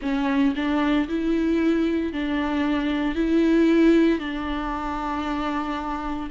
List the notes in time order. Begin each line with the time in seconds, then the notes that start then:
0.01 C#4
0.55 D4
1.08 E4
2.12 D4
3.15 E4
4.19 D4